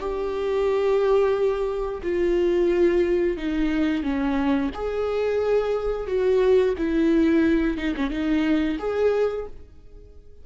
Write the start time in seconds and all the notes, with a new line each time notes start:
0.00 G4
2.03 F4
3.37 D#4
4.03 C#4
4.74 G#4
6.07 F#4
6.78 E4
7.78 D#4
7.97 C#4
8.11 D#4
8.79 G#4